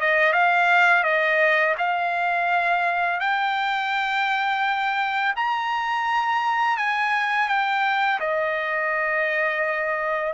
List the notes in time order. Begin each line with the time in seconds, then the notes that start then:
0.00 D#5
0.32 F5
1.03 D#5
1.78 F5
3.19 G5
5.36 A#5
6.77 G#5
7.48 G5
8.20 D#5